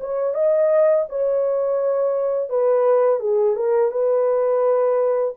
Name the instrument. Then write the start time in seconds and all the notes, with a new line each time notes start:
horn
0.00 C#5
0.34 D#5
1.09 C#5
2.49 B4
3.19 G#4
3.55 A#4
3.91 B4